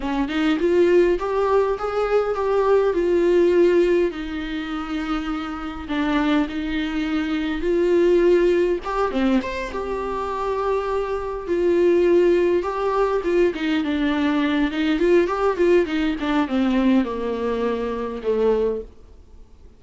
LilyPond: \new Staff \with { instrumentName = "viola" } { \time 4/4 \tempo 4 = 102 cis'8 dis'8 f'4 g'4 gis'4 | g'4 f'2 dis'4~ | dis'2 d'4 dis'4~ | dis'4 f'2 g'8 c'8 |
c''8 g'2. f'8~ | f'4. g'4 f'8 dis'8 d'8~ | d'4 dis'8 f'8 g'8 f'8 dis'8 d'8 | c'4 ais2 a4 | }